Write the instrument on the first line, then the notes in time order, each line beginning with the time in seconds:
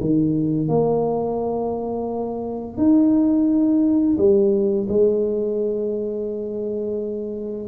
tuba
0.00 D#3
0.68 A#3
2.77 D#4
4.17 G3
4.89 G#3